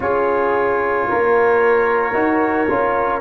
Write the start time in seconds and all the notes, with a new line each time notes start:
0.00 C#4 F4 G#4 C#5
1.08 A#3 A#4
2.13 D#4 F#4
2.69 C#4 F4